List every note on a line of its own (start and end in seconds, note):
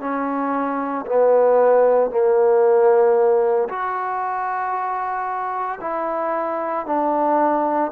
0.00 1.05 C#4
1.06 2.11 B3
2.11 3.68 A#3
3.69 5.79 F#4
5.80 6.86 E4
6.86 7.91 D4